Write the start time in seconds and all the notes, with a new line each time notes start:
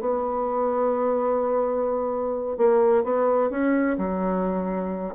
0.00 B3
2.57 A#3
3.04 B3
3.50 C#4
3.98 F#3